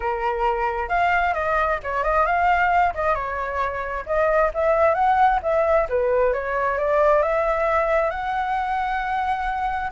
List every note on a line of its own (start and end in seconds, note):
0.00 0.88 A#4
0.88 1.33 F5
1.33 1.79 D#5
1.83 2.03 C#5
2.03 2.26 D#5
2.26 2.93 F5
2.94 3.14 D#5
3.14 4.05 C#5
4.06 4.51 D#5
4.54 4.94 E5
4.94 5.39 F#5
5.42 5.87 E5
5.89 6.33 B4
6.33 6.78 C#5
6.78 7.22 D5
7.22 8.10 E5
8.10 9.90 F#5